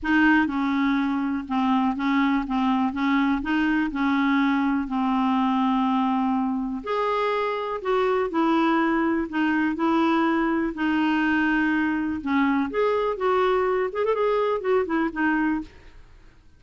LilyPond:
\new Staff \with { instrumentName = "clarinet" } { \time 4/4 \tempo 4 = 123 dis'4 cis'2 c'4 | cis'4 c'4 cis'4 dis'4 | cis'2 c'2~ | c'2 gis'2 |
fis'4 e'2 dis'4 | e'2 dis'2~ | dis'4 cis'4 gis'4 fis'4~ | fis'8 gis'16 a'16 gis'4 fis'8 e'8 dis'4 | }